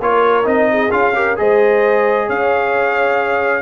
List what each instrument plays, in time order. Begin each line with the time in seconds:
0.00 tuba A#3, trombone F4, horn A#4, trumpet C#5
0.44 tuba C4, trombone D#4, trumpet D#5
0.71 horn G#4
0.91 tuba C#4, trombone F4, trumpet F5
1.15 trombone G4, horn A#4
1.36 tuba G#3, trombone G#4, horn C5, trumpet D#5
2.27 tuba C#4, horn C#5, trumpet F5